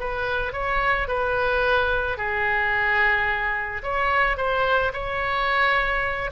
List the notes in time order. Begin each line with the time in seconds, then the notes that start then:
0.00 B4
0.53 C#5
1.08 B4
2.17 G#4
3.83 C#5
4.37 C5
4.93 C#5